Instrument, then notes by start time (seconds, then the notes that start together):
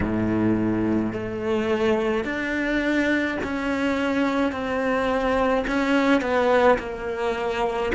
cello
0.00 A2
1.12 A3
2.24 D4
3.43 C#4
4.51 C4
5.67 C#4
6.21 B3
6.79 A#3